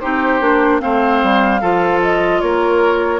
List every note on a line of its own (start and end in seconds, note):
0.00 0.40 C4
0.00 0.40 D#4
0.00 0.81 G4
0.00 0.80 C5
0.40 0.80 A#3
0.40 0.80 D4
0.80 1.22 A3
0.80 1.60 C4
0.80 1.61 C5
0.80 2.00 F5
1.22 1.62 G3
1.61 2.42 F3
1.61 3.20 F4
1.61 2.41 A4
2.02 2.40 D#5
2.40 3.20 A#3
2.40 3.20 A#4
2.40 3.20 C#5